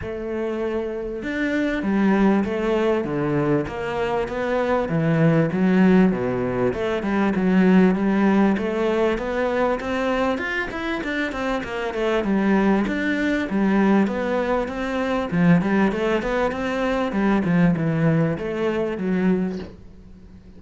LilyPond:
\new Staff \with { instrumentName = "cello" } { \time 4/4 \tempo 4 = 98 a2 d'4 g4 | a4 d4 ais4 b4 | e4 fis4 b,4 a8 g8 | fis4 g4 a4 b4 |
c'4 f'8 e'8 d'8 c'8 ais8 a8 | g4 d'4 g4 b4 | c'4 f8 g8 a8 b8 c'4 | g8 f8 e4 a4 fis4 | }